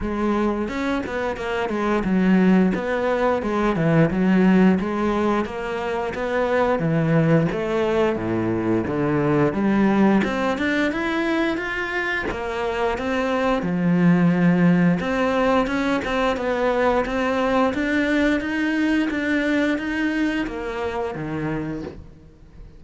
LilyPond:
\new Staff \with { instrumentName = "cello" } { \time 4/4 \tempo 4 = 88 gis4 cis'8 b8 ais8 gis8 fis4 | b4 gis8 e8 fis4 gis4 | ais4 b4 e4 a4 | a,4 d4 g4 c'8 d'8 |
e'4 f'4 ais4 c'4 | f2 c'4 cis'8 c'8 | b4 c'4 d'4 dis'4 | d'4 dis'4 ais4 dis4 | }